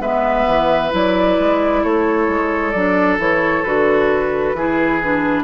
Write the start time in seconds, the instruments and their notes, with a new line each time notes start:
0.00 bassoon G#3, clarinet B3, oboe B4, flute E5
0.48 bassoon E3
0.91 bassoon F#3, clarinet E4, flute D5
1.39 bassoon G#3
1.84 bassoon A3, oboe A4, flute C#5
2.29 bassoon G#3
2.71 bassoon F#3, clarinet D4, flute D5
3.18 bassoon E3, clarinet E4, flute C#5
3.64 bassoon D3, clarinet F#4, flute B4
4.53 bassoon E3, clarinet E4, oboe G#4
5.03 clarinet D4